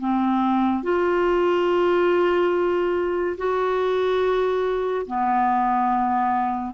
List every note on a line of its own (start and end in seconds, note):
0.00 0.83 C4
0.83 3.36 F4
3.37 5.06 F#4
5.07 6.74 B3